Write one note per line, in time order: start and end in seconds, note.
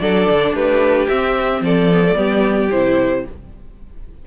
0.00 0.28 F#3
0.00 1.09 D4
0.00 0.55 A4
0.00 0.54 D5
0.30 0.53 D3
0.53 1.07 A3
0.53 1.63 G4
0.53 1.08 B4
1.08 1.61 C4
1.08 1.91 C4
1.08 1.62 E5
1.61 2.15 F3
1.61 2.17 A4
1.61 2.70 D5
1.92 2.06 B3
2.06 2.15 A3
2.15 2.70 G3
2.15 2.69 B3
2.15 3.25 G4
2.70 3.26 C3
2.70 3.27 E4
2.70 3.25 C5